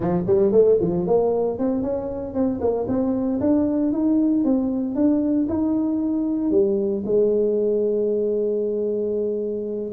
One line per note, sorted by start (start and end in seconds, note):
0.00 0.23 F3
0.26 0.52 G3
0.52 0.78 A3
0.81 1.06 F3
1.06 1.58 A#3
1.58 1.82 C4
1.82 2.34 C#4
2.34 2.60 C4
2.60 2.86 A#3
2.88 3.40 C4
3.40 3.92 D4
3.92 4.44 D#4
4.44 4.95 C4
4.95 5.47 D4
5.49 6.51 D#4
6.51 7.03 G3
7.05 9.92 G#3